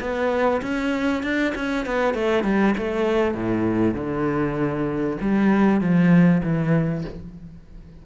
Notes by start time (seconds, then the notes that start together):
0.00 B3
0.62 C#4
1.23 D4
1.55 C#4
1.85 B3
2.14 A3
2.44 G3
2.77 A3
3.35 A2
3.94 D3
5.21 G3
5.80 F3
6.43 E3